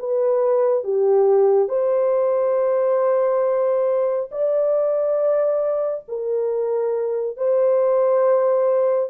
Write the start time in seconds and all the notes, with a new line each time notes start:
0.00 B4
0.84 G4
1.69 C5
4.32 D5
6.09 A#4
7.38 C5